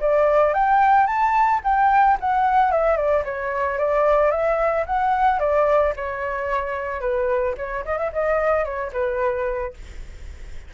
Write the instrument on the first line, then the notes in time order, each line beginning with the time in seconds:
flute
0.00 D5
0.54 G5
1.07 A5
1.64 G5
2.20 F#5
2.71 E5
2.96 D5
3.25 C#5
3.78 D5
4.31 E5
4.86 F#5
5.39 D5
5.96 C#5
7.00 B4
7.57 C#5
7.85 D#5
7.98 E5
8.13 D#5
8.64 C#5
8.93 B4